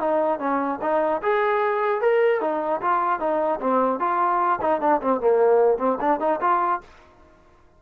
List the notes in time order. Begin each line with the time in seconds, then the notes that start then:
0.00 D#4
0.39 C#4
0.82 D#4
1.23 G#4
2.01 A#4
2.41 D#4
2.82 F4
3.20 D#4
3.61 C4
3.99 F4
4.61 D#4
4.81 D4
5.01 C4
5.21 A#3
5.78 C4
6.01 D4
6.20 D#4
6.41 F4